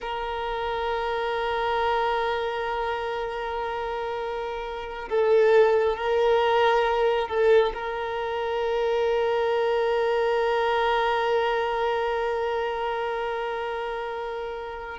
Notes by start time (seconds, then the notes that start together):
0.01 A#4
5.09 A4
5.96 A#4
7.28 A4
7.74 A#4